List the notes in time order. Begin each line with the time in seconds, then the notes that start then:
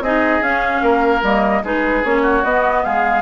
0.00 C4 D#4 G#4 D#5
0.41 C#4 F5
0.82 A#3 A#4
1.22 G3 A#3 D#5
1.63 G#3 D#4 G#4 B4
2.04 A#3 C#4 C#5
2.22 F#4
2.44 B3 D#5
2.84 G#3 G#4 F5